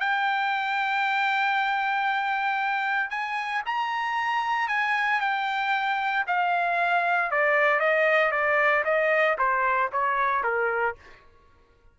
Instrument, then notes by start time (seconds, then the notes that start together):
trumpet
0.00 G5
3.10 G#5
3.66 A#5
4.68 G#5
5.21 G5
6.27 F5
7.31 D5
7.80 D#5
8.31 D5
8.85 D#5
9.38 C5
9.92 C#5
10.43 A#4